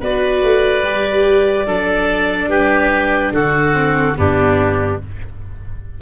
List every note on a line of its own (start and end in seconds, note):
0.00 0.42 B3
0.00 0.83 F#4
0.00 1.67 B4
0.00 2.49 D5
0.42 0.84 A3
0.83 1.67 G3
0.83 1.66 G4
1.66 2.47 F#3
1.66 3.73 D4
1.66 2.50 A4
2.47 3.31 G3
2.47 3.33 G4
2.47 3.33 B4
3.32 4.15 D3
3.32 4.17 F#4
3.32 4.16 A4
3.73 4.15 C4
4.16 5.01 G2
4.16 4.99 B3
4.16 5.01 D4
4.16 5.01 G4